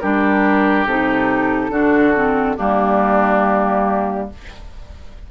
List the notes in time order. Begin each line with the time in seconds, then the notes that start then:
0.00 G3 D4 G4 A#4
0.86 C3 D#4 A4
1.70 D3 D4 F#4
2.14 C4
2.56 G3 A#3 D4 G4